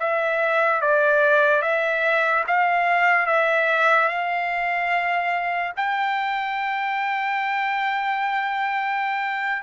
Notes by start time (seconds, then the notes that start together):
0.00 E5
0.81 D5
1.62 E5
2.47 F5
3.27 E5
4.09 F5
5.77 G5